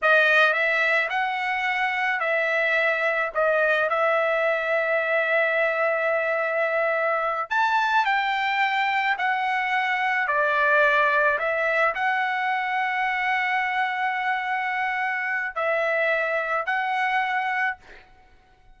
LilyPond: \new Staff \with { instrumentName = "trumpet" } { \time 4/4 \tempo 4 = 108 dis''4 e''4 fis''2 | e''2 dis''4 e''4~ | e''1~ | e''4. a''4 g''4.~ |
g''8 fis''2 d''4.~ | d''8 e''4 fis''2~ fis''8~ | fis''1 | e''2 fis''2 | }